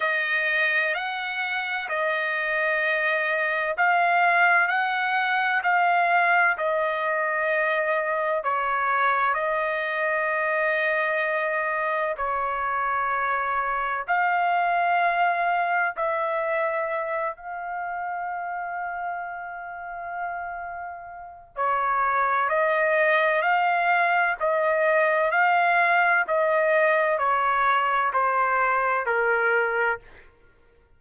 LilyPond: \new Staff \with { instrumentName = "trumpet" } { \time 4/4 \tempo 4 = 64 dis''4 fis''4 dis''2 | f''4 fis''4 f''4 dis''4~ | dis''4 cis''4 dis''2~ | dis''4 cis''2 f''4~ |
f''4 e''4. f''4.~ | f''2. cis''4 | dis''4 f''4 dis''4 f''4 | dis''4 cis''4 c''4 ais'4 | }